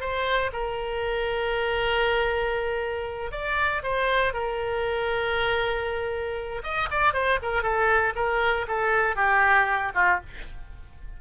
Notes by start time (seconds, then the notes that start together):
0.00 C5
0.52 A#4
3.31 D5
3.83 C5
4.33 A#4
6.63 D#5
6.91 D5
7.13 C5
7.42 A#4
7.62 A4
8.15 A#4
8.67 A4
9.15 G4
9.95 F4